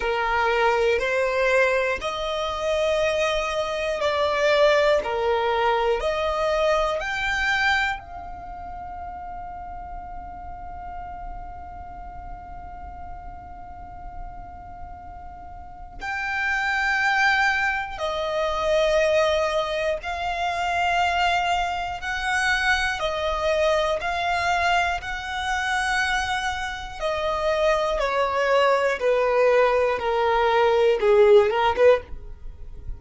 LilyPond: \new Staff \with { instrumentName = "violin" } { \time 4/4 \tempo 4 = 60 ais'4 c''4 dis''2 | d''4 ais'4 dis''4 g''4 | f''1~ | f''1 |
g''2 dis''2 | f''2 fis''4 dis''4 | f''4 fis''2 dis''4 | cis''4 b'4 ais'4 gis'8 ais'16 b'16 | }